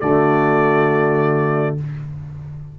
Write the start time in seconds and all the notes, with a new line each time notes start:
0.00 D3 A3 F#4 D5